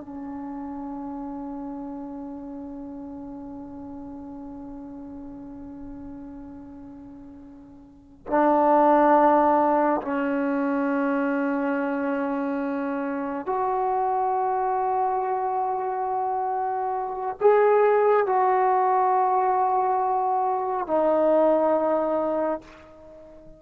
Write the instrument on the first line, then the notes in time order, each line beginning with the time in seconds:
trombone
0.00 C#4
8.27 D4
10.01 C#4
13.46 F#4
17.41 G#4
18.26 F#4
20.87 D#4